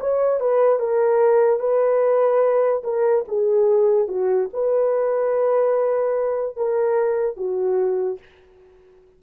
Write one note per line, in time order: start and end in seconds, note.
0.00 0.40 C#5
0.40 0.79 B4
0.79 1.60 A#4
1.60 2.83 B4
2.84 3.25 A#4
3.28 4.08 G#4
4.08 4.49 F#4
4.53 6.56 B4
6.56 7.37 A#4
7.37 8.19 F#4